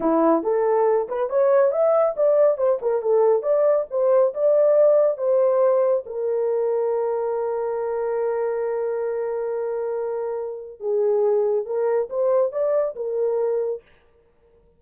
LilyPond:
\new Staff \with { instrumentName = "horn" } { \time 4/4 \tempo 4 = 139 e'4 a'4. b'8 cis''4 | e''4 d''4 c''8 ais'8 a'4 | d''4 c''4 d''2 | c''2 ais'2~ |
ais'1~ | ais'1~ | ais'4 gis'2 ais'4 | c''4 d''4 ais'2 | }